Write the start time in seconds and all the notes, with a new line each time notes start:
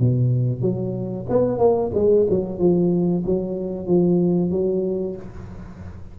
0.00 B2
0.62 F#3
1.30 B3
1.59 A#3
1.95 G#3
2.30 F#3
2.59 F3
3.26 F#3
3.87 F3
4.51 F#3